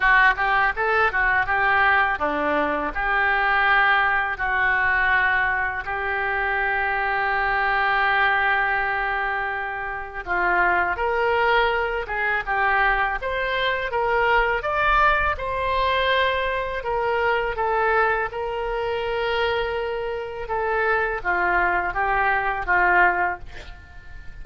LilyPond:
\new Staff \with { instrumentName = "oboe" } { \time 4/4 \tempo 4 = 82 fis'8 g'8 a'8 fis'8 g'4 d'4 | g'2 fis'2 | g'1~ | g'2 f'4 ais'4~ |
ais'8 gis'8 g'4 c''4 ais'4 | d''4 c''2 ais'4 | a'4 ais'2. | a'4 f'4 g'4 f'4 | }